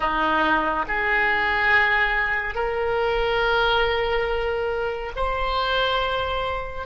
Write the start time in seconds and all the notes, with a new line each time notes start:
0.00 D#4
0.88 G#4
2.54 A#4
5.15 C5